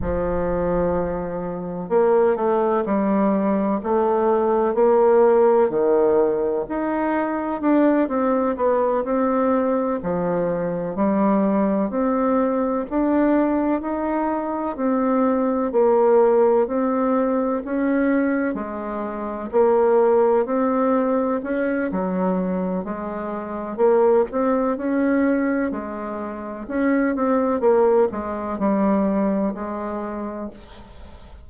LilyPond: \new Staff \with { instrumentName = "bassoon" } { \time 4/4 \tempo 4 = 63 f2 ais8 a8 g4 | a4 ais4 dis4 dis'4 | d'8 c'8 b8 c'4 f4 g8~ | g8 c'4 d'4 dis'4 c'8~ |
c'8 ais4 c'4 cis'4 gis8~ | gis8 ais4 c'4 cis'8 fis4 | gis4 ais8 c'8 cis'4 gis4 | cis'8 c'8 ais8 gis8 g4 gis4 | }